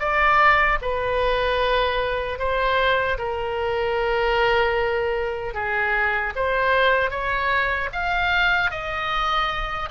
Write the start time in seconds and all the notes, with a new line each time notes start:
0.00 D5
0.82 B4
2.39 C5
3.18 A#4
5.54 G#4
6.36 C5
7.11 C#5
7.93 F5
8.71 D#5